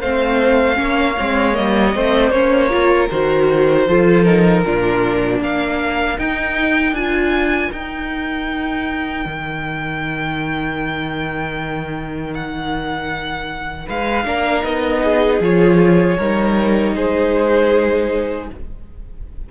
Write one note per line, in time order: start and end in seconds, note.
0.00 0.78 A3
0.00 0.75 C4
0.00 0.77 C5
0.00 1.54 F5
0.75 1.16 A#3
0.75 1.13 C#4
0.75 1.95 C#5
1.17 1.58 G#3
1.17 1.53 C4
1.53 1.95 G3
1.53 1.92 A#3
1.53 2.30 D#5
1.95 2.30 A3
1.95 2.33 C4
1.95 2.72 C5
2.30 3.07 A#3
2.30 2.69 C#4
2.30 3.07 C#5
2.69 3.08 F4
2.69 3.87 A#4
3.10 3.87 D#3
3.10 3.88 F#4
3.10 4.23 C5
3.87 4.64 F3
3.87 4.25 F4
3.87 4.64 A4
4.23 4.64 D#4
4.23 5.38 A#4
4.64 5.40 A#2
4.64 6.17 D4
4.64 5.41 F4
5.40 6.17 A#3
5.40 13.87 A#4
5.40 6.18 F5
6.17 6.94 D#4
6.17 6.92 D#4
6.17 6.95 G5
6.92 7.69 D4
6.92 7.72 F4
6.92 7.71 G#5
7.72 9.25 D#4
7.72 14.25 D#4
7.72 12.33 G5
9.25 13.86 D#3
12.34 13.88 F#5
13.87 14.24 G#3
13.87 14.25 B4
13.87 14.64 F5
14.24 14.63 A#3
14.24 14.62 D4
14.24 15.02 A#4
14.62 15.40 B3
14.62 15.39 D#4
14.62 15.41 D#5
15.02 16.17 G#4
15.40 16.17 F3
15.40 16.18 F4
15.40 16.95 C#5
16.17 16.96 G3
16.17 18.51 D#4
16.17 16.94 A#4
16.95 18.49 G#3
16.95 18.49 G#4
16.95 18.49 C5